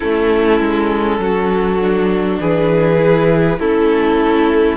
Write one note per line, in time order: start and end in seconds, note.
0.00 0.60 A3
0.00 1.80 C#4
0.00 1.19 E4
0.00 2.39 A4
0.60 1.19 G#3
1.19 2.39 F#3
1.19 2.40 F#4
1.80 2.96 D4
2.40 3.58 E3
2.40 3.59 G#4
2.40 3.59 B4
2.96 3.56 E4
3.58 4.76 A3
3.58 4.76 C#4
3.58 4.76 E4
3.58 4.76 A4